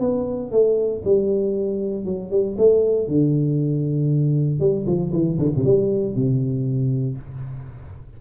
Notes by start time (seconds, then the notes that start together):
0.00 B3
0.52 A3
1.04 G3
2.05 F#3
2.31 G3
2.58 A3
3.08 D3
4.60 G3
4.87 F3
5.13 E3
5.39 D3
5.56 C3
5.65 G3
6.15 C3